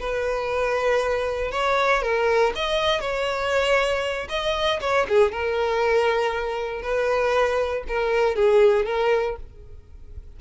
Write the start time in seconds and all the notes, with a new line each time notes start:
0.00 B4
1.52 C#5
2.02 A#4
2.56 D#5
3.01 C#5
4.29 D#5
4.81 C#5
5.09 G#4
5.32 A#4
6.83 B4
7.88 A#4
8.36 G#4
8.86 A#4